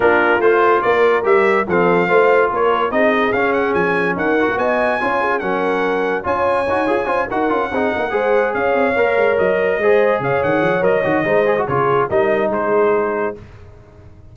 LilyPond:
<<
  \new Staff \with { instrumentName = "trumpet" } { \time 4/4 \tempo 4 = 144 ais'4 c''4 d''4 e''4 | f''2 cis''4 dis''4 | f''8 fis''8 gis''4 fis''4 gis''4~ | gis''4 fis''2 gis''4~ |
gis''4. fis''2~ fis''8~ | fis''8 f''2 dis''4.~ | dis''8 f''8 fis''4 dis''2 | cis''4 dis''4 c''2 | }
  \new Staff \with { instrumentName = "horn" } { \time 4/4 f'2 ais'2 | a'4 c''4 ais'4 gis'4~ | gis'2 ais'4 dis''4 | cis''8 gis'8 ais'2 cis''4~ |
cis''4 c''8 ais'4 gis'8 ais'8 c''8~ | c''8 cis''2. c''8~ | c''8 cis''2~ cis''8 c''4 | gis'4 ais'4 gis'2 | }
  \new Staff \with { instrumentName = "trombone" } { \time 4/4 d'4 f'2 g'4 | c'4 f'2 dis'4 | cis'2~ cis'8 fis'4. | f'4 cis'2 f'4 |
fis'8 gis'8 f'8 fis'8 f'8 dis'4 gis'8~ | gis'4. ais'2 gis'8~ | gis'2 ais'8 fis'8 dis'8 gis'16 fis'16 | f'4 dis'2. | }
  \new Staff \with { instrumentName = "tuba" } { \time 4/4 ais4 a4 ais4 g4 | f4 a4 ais4 c'4 | cis'4 f4 dis'8. ais16 b4 | cis'4 fis2 cis'4 |
dis'8 f'8 cis'8 dis'8 cis'8 c'8 ais8 gis8~ | gis8 cis'8 c'8 ais8 gis8 fis4 gis8~ | gis8 cis8 dis8 f8 fis8 dis8 gis4 | cis4 g4 gis2 | }
>>